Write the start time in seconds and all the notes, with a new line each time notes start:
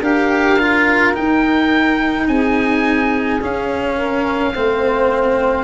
0.00 D4 G4 A#4 F5
0.59 F4
1.13 D#4 G5
2.27 C4 G#4 G#5
3.41 C#4 F5
3.96 A#4
4.54 A3 C4 C5